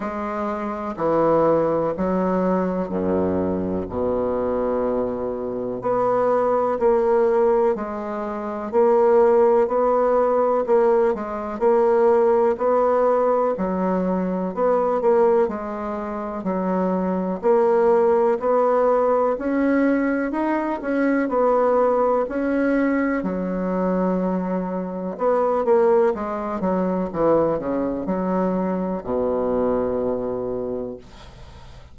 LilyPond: \new Staff \with { instrumentName = "bassoon" } { \time 4/4 \tempo 4 = 62 gis4 e4 fis4 fis,4 | b,2 b4 ais4 | gis4 ais4 b4 ais8 gis8 | ais4 b4 fis4 b8 ais8 |
gis4 fis4 ais4 b4 | cis'4 dis'8 cis'8 b4 cis'4 | fis2 b8 ais8 gis8 fis8 | e8 cis8 fis4 b,2 | }